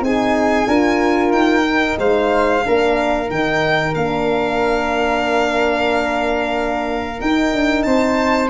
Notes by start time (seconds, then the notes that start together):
0.00 C4 D#4 G#4 G#5
0.65 D4 F4 A#4
1.31 D#4 G5
1.63 D#4
1.98 G#3 C5 F5
2.63 A#3 D4 A#4
3.26 D#3 D#4 G5
3.94 A#3 D4 F5
7.18 D#4 G5
7.53 D4
7.82 C4 C5 A5